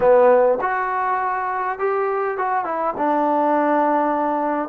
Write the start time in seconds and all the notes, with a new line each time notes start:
0.00 B3
0.61 F#4
1.78 G4
2.37 F#4
2.64 E4
2.97 D4